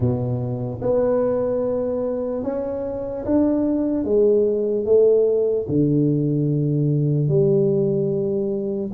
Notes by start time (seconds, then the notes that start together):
0.00 B2
0.81 B3
2.43 C#4
3.25 D4
4.04 G#3
4.85 A3
5.68 D3
7.28 G3